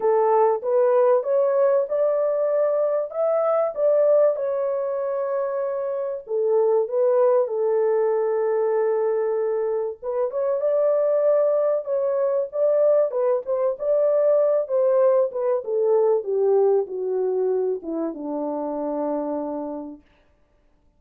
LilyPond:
\new Staff \with { instrumentName = "horn" } { \time 4/4 \tempo 4 = 96 a'4 b'4 cis''4 d''4~ | d''4 e''4 d''4 cis''4~ | cis''2 a'4 b'4 | a'1 |
b'8 cis''8 d''2 cis''4 | d''4 b'8 c''8 d''4. c''8~ | c''8 b'8 a'4 g'4 fis'4~ | fis'8 e'8 d'2. | }